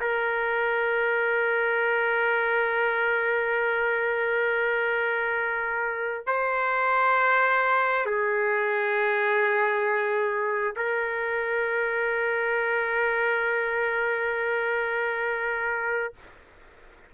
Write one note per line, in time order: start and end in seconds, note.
0.00 6.26 A#4
6.26 8.05 C5
8.05 10.74 G#4
10.76 16.13 A#4